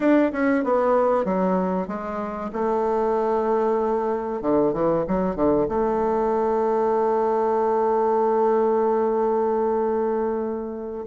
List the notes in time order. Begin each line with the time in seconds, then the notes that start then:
0.00 D4
0.32 C#4
0.64 B3
1.25 F#3
1.87 G#3
2.52 A3
4.41 D3
4.73 E3
5.07 F#3
5.35 D3
5.68 A3